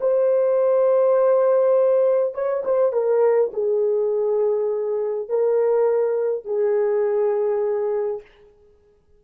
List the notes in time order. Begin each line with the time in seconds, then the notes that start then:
0.00 C5
2.34 C#5
2.65 C5
2.92 A#4
3.53 G#4
5.28 A#4
6.45 G#4